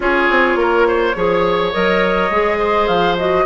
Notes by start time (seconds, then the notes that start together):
0.00 C#4 F4 G#4 C#5
0.30 C4
0.55 A#3 A#4
0.87 C5
1.15 F3 G#4 C#5
1.72 F#3 A#4 D#5
2.30 G#3 G#4
2.58 C5
2.87 F3 F5
3.17 F#4 D#5